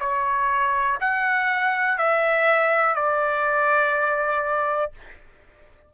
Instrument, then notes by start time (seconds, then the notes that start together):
trumpet
0.00 C#5
1.00 F#5
1.98 E5
2.95 D5